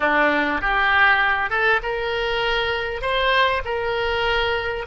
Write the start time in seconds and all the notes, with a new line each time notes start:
0.00 D4
0.61 G4
1.50 A4
1.82 A#4
3.01 C5
3.64 A#4